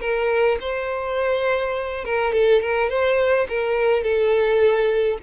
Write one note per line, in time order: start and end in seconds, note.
0.00 0.58 A#4
0.60 2.05 C5
2.05 2.33 A#4
2.33 2.61 A4
2.61 2.90 A#4
2.90 3.47 C5
3.49 4.03 A#4
4.03 5.18 A4